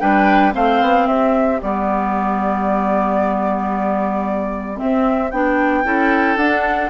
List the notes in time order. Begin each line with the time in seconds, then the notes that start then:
0.00 G3 D4 B4 G5
0.53 A3 C4 C5 F5
0.82 B3
1.07 C4 G4 E5
1.62 G3 B3 D5
4.76 C4 E5
5.31 B3 D4 G5
5.84 C#4 E4 A4
6.37 D4 F#5